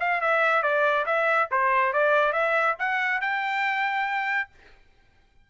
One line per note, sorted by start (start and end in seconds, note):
0.00 0.21 F5
0.21 0.63 E5
0.63 1.06 D5
1.06 1.48 E5
1.51 1.93 C5
1.93 2.33 D5
2.33 2.76 E5
2.79 3.21 F#5
3.21 4.50 G5